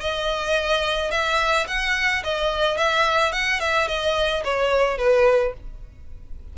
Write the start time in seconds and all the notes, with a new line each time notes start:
0.00 D#5
1.11 E5
1.67 F#5
2.23 D#5
2.77 E5
3.32 F#5
3.60 E5
3.88 D#5
4.44 C#5
4.97 B4